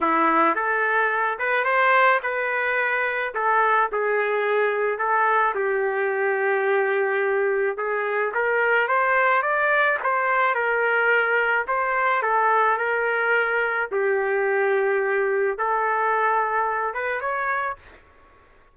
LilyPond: \new Staff \with { instrumentName = "trumpet" } { \time 4/4 \tempo 4 = 108 e'4 a'4. b'8 c''4 | b'2 a'4 gis'4~ | gis'4 a'4 g'2~ | g'2 gis'4 ais'4 |
c''4 d''4 c''4 ais'4~ | ais'4 c''4 a'4 ais'4~ | ais'4 g'2. | a'2~ a'8 b'8 cis''4 | }